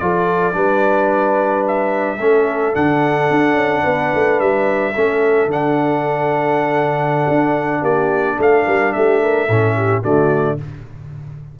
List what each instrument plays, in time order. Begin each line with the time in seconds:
0.00 tuba F3, trombone F4, horn A4, trumpet D5
0.53 tuba G3, trombone D4, horn B4
1.68 trumpet E5
2.18 tuba A3, trombone C#4, horn A4
2.74 tuba D3, trombone D4, trumpet F#5
3.31 tuba D4
3.54 tuba C#4
3.83 tuba B3, horn B4
4.15 tuba A3
4.40 tuba G3, trumpet E5
4.95 tuba A3, trombone C#4, horn A4
5.47 tuba D3, trombone D4, trumpet F#5
7.29 tuba D4
7.82 tuba A#3, horn G4, trumpet D5
8.37 tuba A3, horn A4, trumpet F5
8.67 tuba G3, horn A#4
8.93 tuba A3, horn G4, trumpet E5
9.23 horn A#4
9.48 tuba A2, trombone C#4, horn A4
9.76 horn G4
10.02 tuba D3, trombone A3, horn F#4, trumpet D5